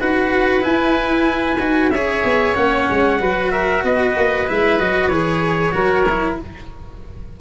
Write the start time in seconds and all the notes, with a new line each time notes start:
0.00 D#4 F#4 B4 F#5
0.61 E4 G#5
1.59 D#4 F#4
1.91 C#4 G#4 C#5 E5
2.24 B3
2.55 A#3 C#4 F#5
2.90 G#3
3.19 F#3 F#4 B4
3.51 A#4 E5
3.84 B3 B4 D#5
4.16 A#3
4.47 G#3 E4 E5
4.79 F#3 F#4 D#5
5.08 E3 G#4 C#5
5.72 F#3 F#4 A#4
6.09 E4